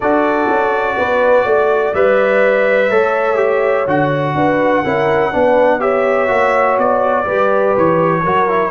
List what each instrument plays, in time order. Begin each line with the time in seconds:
0.00 tuba D4, trombone F#4, horn A4, trumpet D5
0.48 tuba C#4
0.97 tuba B3, horn B4
1.43 tuba A3, horn D5
1.93 tuba G3, trombone B4, trumpet E5
2.89 tuba A3, trombone A4, horn C#5
3.35 trombone G4
3.86 tuba D3, trombone F#4, trumpet F#5
4.34 tuba D4, horn B4
4.83 tuba C#4, trombone E4, horn A#4
5.31 tuba B3, trombone D4, horn B4
5.79 trombone G4, horn C#5, trumpet E5
6.27 tuba A#3, trombone F#4
6.78 tuba B3, trumpet D5
7.24 tuba G3, trombone G4, horn B4
7.77 tuba E3, trumpet C#5
8.23 tuba F#3, trombone F#4, horn A#4
8.48 trombone E4